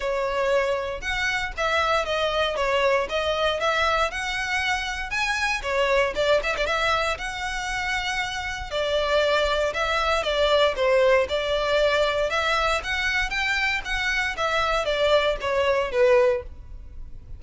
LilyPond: \new Staff \with { instrumentName = "violin" } { \time 4/4 \tempo 4 = 117 cis''2 fis''4 e''4 | dis''4 cis''4 dis''4 e''4 | fis''2 gis''4 cis''4 | d''8 e''16 d''16 e''4 fis''2~ |
fis''4 d''2 e''4 | d''4 c''4 d''2 | e''4 fis''4 g''4 fis''4 | e''4 d''4 cis''4 b'4 | }